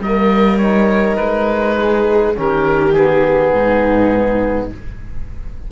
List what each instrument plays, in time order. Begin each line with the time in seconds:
0.00 cello G3, trombone A#3, viola A#4, oboe D#5
0.58 trombone D#4, oboe C#5
1.16 cello G#3, oboe B4
1.79 viola G#4
2.34 cello D#3, trombone C#4, viola G4, oboe A#4
2.94 trombone B3, oboe G#4
3.54 cello G#2, viola D#4